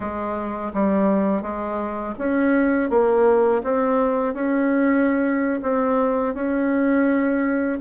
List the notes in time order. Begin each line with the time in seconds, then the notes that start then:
0.00 G#3
0.73 G3
1.42 G#3
2.18 C#4
2.89 A#3
3.63 C4
4.34 C#4
5.62 C4
6.34 C#4